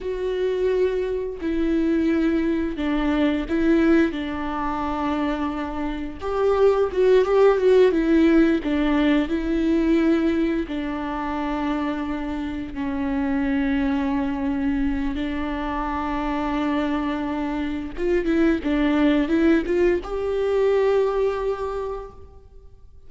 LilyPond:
\new Staff \with { instrumentName = "viola" } { \time 4/4 \tempo 4 = 87 fis'2 e'2 | d'4 e'4 d'2~ | d'4 g'4 fis'8 g'8 fis'8 e'8~ | e'8 d'4 e'2 d'8~ |
d'2~ d'8 cis'4.~ | cis'2 d'2~ | d'2 f'8 e'8 d'4 | e'8 f'8 g'2. | }